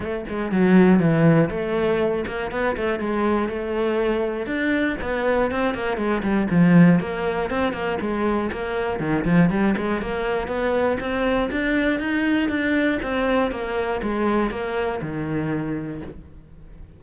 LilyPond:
\new Staff \with { instrumentName = "cello" } { \time 4/4 \tempo 4 = 120 a8 gis8 fis4 e4 a4~ | a8 ais8 b8 a8 gis4 a4~ | a4 d'4 b4 c'8 ais8 | gis8 g8 f4 ais4 c'8 ais8 |
gis4 ais4 dis8 f8 g8 gis8 | ais4 b4 c'4 d'4 | dis'4 d'4 c'4 ais4 | gis4 ais4 dis2 | }